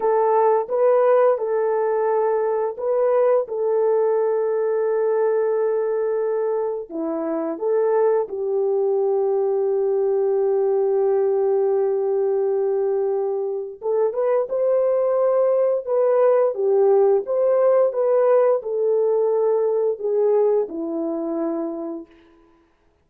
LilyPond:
\new Staff \with { instrumentName = "horn" } { \time 4/4 \tempo 4 = 87 a'4 b'4 a'2 | b'4 a'2.~ | a'2 e'4 a'4 | g'1~ |
g'1 | a'8 b'8 c''2 b'4 | g'4 c''4 b'4 a'4~ | a'4 gis'4 e'2 | }